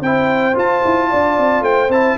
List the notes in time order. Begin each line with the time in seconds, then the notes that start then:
0.00 C4 E4 C5 G5
0.53 F4 A5
0.84 E4
1.09 D4 D5
1.37 C4
1.61 A3 C5 G5
1.88 C4 E4 A5